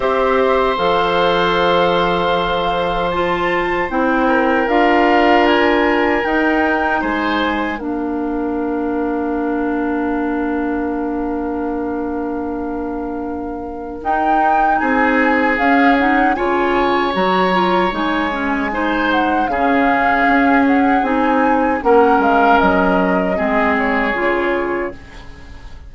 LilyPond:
<<
  \new Staff \with { instrumentName = "flute" } { \time 4/4 \tempo 4 = 77 e''4 f''2. | a''4 g''4 f''4 gis''4 | g''4 gis''4 f''2~ | f''1~ |
f''2 g''4 gis''4 | f''8 fis''8 gis''4 ais''4 gis''4~ | gis''8 fis''8 f''4. fis''8 gis''4 | fis''8 f''8 dis''4. cis''4. | }
  \new Staff \with { instrumentName = "oboe" } { \time 4/4 c''1~ | c''4. ais'2~ ais'8~ | ais'4 c''4 ais'2~ | ais'1~ |
ais'2. gis'4~ | gis'4 cis''2. | c''4 gis'2. | ais'2 gis'2 | }
  \new Staff \with { instrumentName = "clarinet" } { \time 4/4 g'4 a'2. | f'4 e'4 f'2 | dis'2 d'2~ | d'1~ |
d'2 dis'2 | cis'8 dis'8 f'4 fis'8 f'8 dis'8 cis'8 | dis'4 cis'2 dis'4 | cis'2 c'4 f'4 | }
  \new Staff \with { instrumentName = "bassoon" } { \time 4/4 c'4 f2.~ | f4 c'4 d'2 | dis'4 gis4 ais2~ | ais1~ |
ais2 dis'4 c'4 | cis'4 cis4 fis4 gis4~ | gis4 cis4 cis'4 c'4 | ais8 gis8 fis4 gis4 cis4 | }
>>